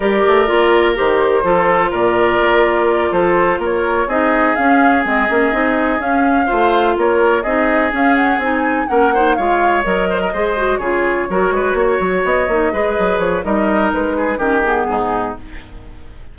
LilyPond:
<<
  \new Staff \with { instrumentName = "flute" } { \time 4/4 \tempo 4 = 125 d''2 c''2 | d''2~ d''8 c''4 cis''8~ | cis''8 dis''4 f''4 dis''4.~ | dis''8 f''2 cis''4 dis''8~ |
dis''8 f''8 fis''8 gis''4 fis''4 f''8~ | f''8 dis''2 cis''4.~ | cis''4. dis''2 cis''8 | dis''4 b'4 ais'8 gis'4. | }
  \new Staff \with { instrumentName = "oboe" } { \time 4/4 ais'2. a'4 | ais'2~ ais'8 a'4 ais'8~ | ais'8 gis'2.~ gis'8~ | gis'4. c''4 ais'4 gis'8~ |
gis'2~ gis'8 ais'8 c''8 cis''8~ | cis''4 c''16 ais'16 c''4 gis'4 ais'8 | b'8 cis''2 b'4. | ais'4. gis'8 g'4 dis'4 | }
  \new Staff \with { instrumentName = "clarinet" } { \time 4/4 g'4 f'4 g'4 f'4~ | f'1~ | f'8 dis'4 cis'4 c'8 cis'8 dis'8~ | dis'8 cis'4 f'2 dis'8~ |
dis'8 cis'4 dis'4 cis'8 dis'8 f'8~ | f'8 ais'4 gis'8 fis'8 f'4 fis'8~ | fis'2 dis'8 gis'4. | dis'2 cis'8 b4. | }
  \new Staff \with { instrumentName = "bassoon" } { \time 4/4 g8 a8 ais4 dis4 f4 | ais,4 ais4. f4 ais8~ | ais8 c'4 cis'4 gis8 ais8 c'8~ | c'8 cis'4 a4 ais4 c'8~ |
c'8 cis'4 c'4 ais4 gis8~ | gis8 fis4 gis4 cis4 fis8 | gis8 ais8 fis8 b8 ais8 gis8 fis8 f8 | g4 gis4 dis4 gis,4 | }
>>